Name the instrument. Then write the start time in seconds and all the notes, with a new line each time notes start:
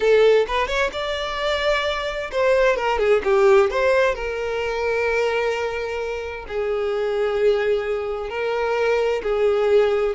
violin
0.00 A4
0.47 B4
0.67 C#5
0.92 D5
2.31 C5
2.76 A#4
2.99 G#4
3.24 G4
3.70 C5
4.14 A#4
6.47 G#4
8.29 A#4
9.23 G#4